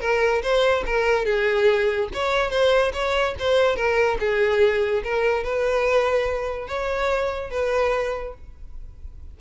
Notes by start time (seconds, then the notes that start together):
0.00 A#4
0.42 C5
0.85 A#4
1.25 G#4
2.13 C#5
2.50 C5
2.93 C#5
3.39 C5
3.76 A#4
4.19 G#4
5.03 A#4
5.43 B4
6.67 C#5
7.50 B4